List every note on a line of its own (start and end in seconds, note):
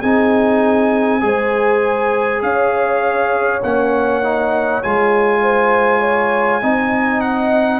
0.00 1.22 C4
0.00 1.21 D#4
0.00 1.20 G#4
0.00 2.41 G#5
1.21 2.42 G#3
1.21 3.60 G#4
1.21 2.44 C5
2.42 3.62 C#4
2.42 5.42 C#5
2.42 3.62 F5
3.63 4.83 A#3
3.63 4.22 C#4
3.63 4.82 F#5
4.22 4.82 D#4
4.82 6.62 G#3
4.82 6.62 F4
4.82 7.21 G#5
5.42 6.00 C5
6.00 6.60 C#5
6.62 7.79 C4
6.62 7.79 D#4
6.62 7.79 D#5
7.21 7.79 F#5